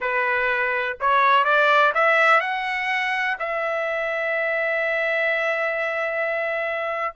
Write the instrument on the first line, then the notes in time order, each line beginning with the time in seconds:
trumpet
0.00 B4
1.00 C#5
1.44 D5
1.94 E5
2.40 F#5
3.39 E5